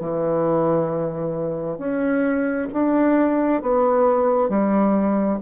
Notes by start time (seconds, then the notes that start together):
0.00 E3
1.78 C#4
2.73 D4
3.62 B3
4.49 G3